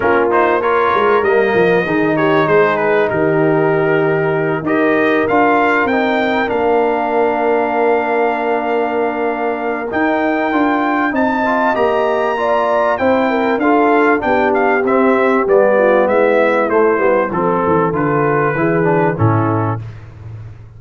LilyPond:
<<
  \new Staff \with { instrumentName = "trumpet" } { \time 4/4 \tempo 4 = 97 ais'8 c''8 cis''4 dis''4. cis''8 | c''8 b'8 ais'2~ ais'8 dis''8~ | dis''8 f''4 g''4 f''4.~ | f''1 |
g''2 a''4 ais''4~ | ais''4 g''4 f''4 g''8 f''8 | e''4 d''4 e''4 c''4 | a'4 b'2 a'4 | }
  \new Staff \with { instrumentName = "horn" } { \time 4/4 f'4 ais'2 gis'8 g'8 | gis'4 g'2~ g'8 ais'8~ | ais'1~ | ais'1~ |
ais'2 dis''2 | d''4 c''8 ais'8 a'4 g'4~ | g'4. f'8 e'2 | a'2 gis'4 e'4 | }
  \new Staff \with { instrumentName = "trombone" } { \time 4/4 cis'8 dis'8 f'4 ais4 dis'4~ | dis'2.~ dis'8 g'8~ | g'8 f'4 dis'4 d'4.~ | d'1 |
dis'4 f'4 dis'8 f'8 g'4 | f'4 e'4 f'4 d'4 | c'4 b2 a8 b8 | c'4 f'4 e'8 d'8 cis'4 | }
  \new Staff \with { instrumentName = "tuba" } { \time 4/4 ais4. gis8 g8 f8 dis4 | gis4 dis2~ dis8 dis'8~ | dis'8 d'4 c'4 ais4.~ | ais1 |
dis'4 d'4 c'4 ais4~ | ais4 c'4 d'4 b4 | c'4 g4 gis4 a8 g8 | f8 e8 d4 e4 a,4 | }
>>